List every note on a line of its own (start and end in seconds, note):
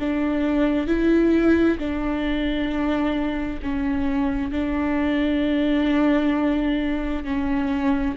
0.00 0.87 D4
0.87 1.78 E4
1.79 3.60 D4
3.62 4.52 C#4
4.52 7.25 D4
7.25 8.16 C#4